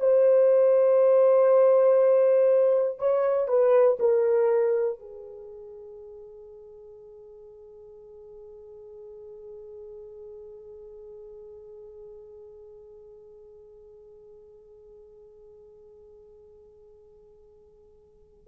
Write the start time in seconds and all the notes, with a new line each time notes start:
0.00 C5
2.99 C#5
3.48 B4
4.00 A#4
4.99 G#4